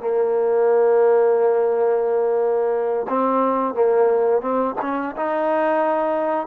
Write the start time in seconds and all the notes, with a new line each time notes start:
0.00 A#3
3.09 C4
3.74 A#3
4.41 C4
4.81 C#4
5.16 D#4